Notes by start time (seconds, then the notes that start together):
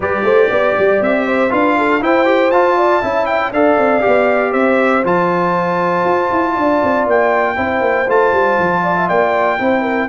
0.00 G3 G4 B4 D5
0.23 A3 C5
0.49 B3 D5
0.78 G3
1.00 C4 E5
1.26 C5
1.49 D4 F4 B4 F5
1.77 A4
2.01 E4 C5 G5
2.25 G4
2.51 F4 A5
2.76 D5
3.01 C#4 E4 E5
3.26 G5
3.52 D4 A4 D5 F5
3.77 C4
4.00 G4
4.07 B3
4.51 C4 C5 E5
5.04 F3 F4 A5
6.04 F4
6.31 E4
6.54 D4 D5
6.83 C4
7.06 A#3 G5
7.56 C4 E4 C5
7.80 A#3
8.08 A3 F4 A5
8.32 G3
8.59 F3
8.82 D5
8.95 E5
9.08 A#3 D5 G5
9.59 C4 E4 C5
9.81 A#4